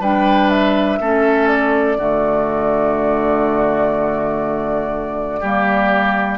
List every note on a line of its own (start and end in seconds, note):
0.00 0.98 G3
0.00 1.00 D4
0.00 0.99 B4
0.00 0.49 G5
0.49 1.47 E5
1.00 1.97 A3
1.00 1.98 C#4
1.00 1.97 A4
1.47 6.38 D5
1.97 5.42 D3
1.97 5.42 A3
1.97 5.40 F#4
5.40 6.38 G3
5.40 6.38 A#3
5.40 6.38 G4